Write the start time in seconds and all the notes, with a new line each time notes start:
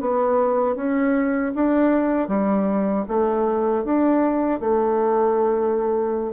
0.00 B3
0.76 C#4
1.55 D4
2.28 G3
3.08 A3
3.84 D4
4.60 A3